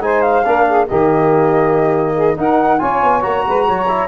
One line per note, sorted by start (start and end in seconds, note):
0.00 0.43 G#3
0.00 0.44 D#4
0.00 0.46 C5
0.00 0.22 G#5
0.22 0.86 F5
0.45 0.89 A#3
0.45 0.88 D4
0.45 0.67 A#4
0.68 0.87 G#4
0.87 2.38 D#3
0.87 2.37 A#3
0.87 2.15 G4
0.87 2.37 D#5
2.15 2.37 G#4
2.37 2.79 D#4
2.37 2.81 D#4
2.37 2.80 A#4
2.37 2.79 F#5
2.79 3.03 C#4
2.79 3.21 F4
2.79 3.44 C#5
2.79 3.22 G#5
3.03 3.24 B3
3.21 3.46 A#3
3.21 3.86 F#4
3.21 4.07 A#5
3.47 3.69 G#3
3.47 3.66 B4
3.66 4.07 F#3
3.66 4.07 C#5
3.88 4.07 E4